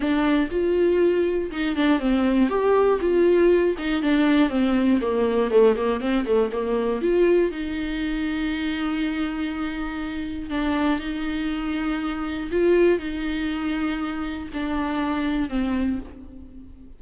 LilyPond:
\new Staff \with { instrumentName = "viola" } { \time 4/4 \tempo 4 = 120 d'4 f'2 dis'8 d'8 | c'4 g'4 f'4. dis'8 | d'4 c'4 ais4 a8 ais8 | c'8 a8 ais4 f'4 dis'4~ |
dis'1~ | dis'4 d'4 dis'2~ | dis'4 f'4 dis'2~ | dis'4 d'2 c'4 | }